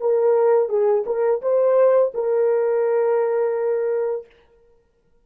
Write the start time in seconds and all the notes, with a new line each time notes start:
0.00 A#4
0.69 G#4
1.06 A#4
1.41 C5
2.14 A#4